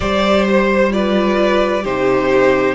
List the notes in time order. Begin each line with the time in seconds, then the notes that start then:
0.00 G3 G4 C5 D5
0.49 C5
0.90 F4 B4 D5
1.83 C3 D#4 G4 C5